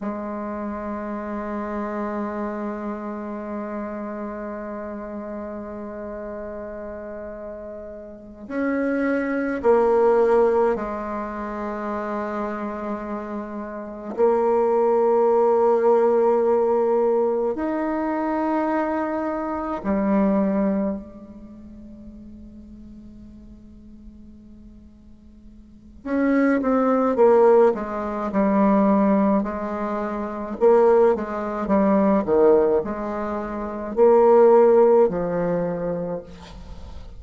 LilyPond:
\new Staff \with { instrumentName = "bassoon" } { \time 4/4 \tempo 4 = 53 gis1~ | gis2.~ gis8 cis'8~ | cis'8 ais4 gis2~ gis8~ | gis8 ais2. dis'8~ |
dis'4. g4 gis4.~ | gis2. cis'8 c'8 | ais8 gis8 g4 gis4 ais8 gis8 | g8 dis8 gis4 ais4 f4 | }